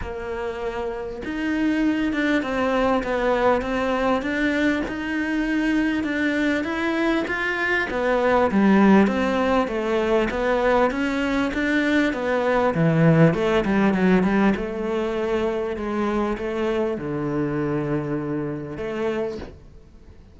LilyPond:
\new Staff \with { instrumentName = "cello" } { \time 4/4 \tempo 4 = 99 ais2 dis'4. d'8 | c'4 b4 c'4 d'4 | dis'2 d'4 e'4 | f'4 b4 g4 c'4 |
a4 b4 cis'4 d'4 | b4 e4 a8 g8 fis8 g8 | a2 gis4 a4 | d2. a4 | }